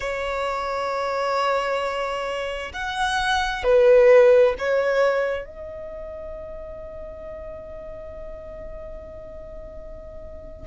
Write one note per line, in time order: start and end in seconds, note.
0.00 2.72 C#5
2.73 3.63 F#5
3.63 4.54 B4
4.58 5.45 C#5
5.45 10.66 D#5